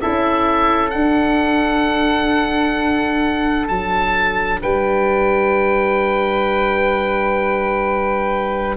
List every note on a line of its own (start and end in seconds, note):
0.00 0.95 C#4
0.00 0.91 E4
0.00 4.61 A4
0.00 0.91 E5
0.91 8.76 D4
0.91 3.69 D4
0.91 3.67 F#5
3.68 4.61 F#3
3.68 4.60 A5
4.61 8.77 G3
4.61 8.77 B4
4.61 8.77 G5